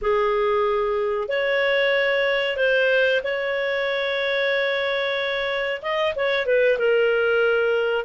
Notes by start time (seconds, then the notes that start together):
0.01 G#4
1.28 C#5
2.56 C5
3.23 C#5
5.82 D#5
6.15 C#5
6.45 B4
6.78 A#4